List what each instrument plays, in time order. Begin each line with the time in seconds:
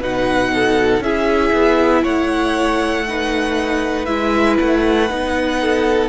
0.00 cello B2, viola D#4, violin B4 F#5
0.55 violin A4
1.00 cello C#4, viola E4, violin G#4 E5
1.53 cello B3
2.03 cello A3, violin C#5 F#5
3.08 viola D#4, violin B4
4.06 cello G#3, viola E4, violin E5
4.59 cello A3, violin F#5
5.09 cello B3, viola D#4
5.61 violin A4